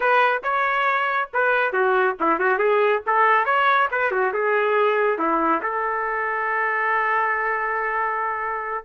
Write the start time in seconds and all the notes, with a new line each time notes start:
0.00 B4
0.43 C#5
1.33 B4
1.72 F#4
2.20 E4
2.39 F#4
2.58 G#4
3.06 A4
3.45 C#5
3.91 B4
4.11 F#4
4.33 G#4
5.18 E4
5.62 A4